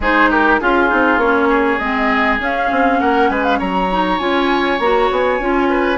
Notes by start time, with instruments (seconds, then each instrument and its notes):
0.00 bassoon G#3, clarinet D#4, oboe G#4, flute C5
0.30 oboe G4, flute A#4
0.60 bassoon C#4, clarinet F4, oboe F4, flute G#4
0.89 bassoon C4, clarinet D#4
1.17 bassoon A#3, clarinet C#4, flute C#5
1.48 oboe G#4
1.78 bassoon G#3, clarinet C4, flute D#5
2.39 bassoon C#4, clarinet C#4, flute F5
2.71 bassoon C4
3.00 bassoon A#3, oboe A#4, flute F#5
3.29 bassoon G#3, oboe B4, flute G#5
3.43 flute F5
3.58 bassoon F#3, oboe C#5, flute A#5
3.91 clarinet D#4
4.19 bassoon C#4, clarinet F4, flute G#5
4.79 bassoon A#3, clarinet F#4, flute A#5
5.10 bassoon B3, flute G#5
5.39 bassoon C#4, clarinet F4
5.69 oboe B4